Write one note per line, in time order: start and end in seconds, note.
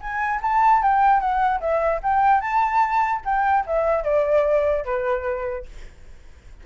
0.00 0.40 G#5
0.42 0.82 A5
0.82 1.20 G5
1.20 1.60 F#5
1.60 2.00 E5
2.02 2.41 G5
2.41 3.21 A5
3.25 3.65 G5
3.66 4.04 E5
4.04 4.84 D5
4.85 5.65 B4